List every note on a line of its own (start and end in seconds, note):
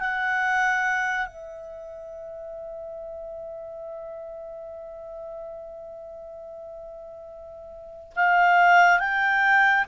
0.00 1.27 F#5
1.27 8.13 E5
8.16 9.00 F5
9.00 9.85 G5